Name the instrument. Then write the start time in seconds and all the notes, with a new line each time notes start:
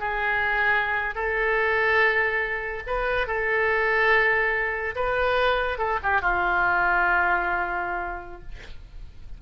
oboe
0.00 G#4
1.16 A4
2.87 B4
3.27 A4
4.96 B4
5.78 A4
6.03 G4
6.22 F4